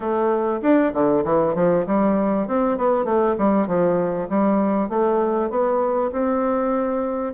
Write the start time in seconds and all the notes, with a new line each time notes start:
0.00 A3
0.62 D4
0.93 D3
1.24 E3
1.54 F3
1.86 G3
2.47 C4
2.77 B3
3.04 A3
3.38 G3
3.67 F3
4.29 G3
4.89 A3
5.50 B3
6.12 C4